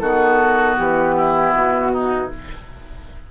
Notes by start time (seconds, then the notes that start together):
0.00 D#3 B3 F#4 A4
0.78 E3 G4
1.16 E4
1.53 B2 F#4
1.93 D#4